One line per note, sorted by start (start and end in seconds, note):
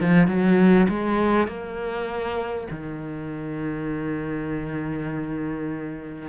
0.00 0.27 F3
0.27 0.87 F#3
0.89 1.48 G#3
1.48 2.68 A#3
2.71 6.29 D#3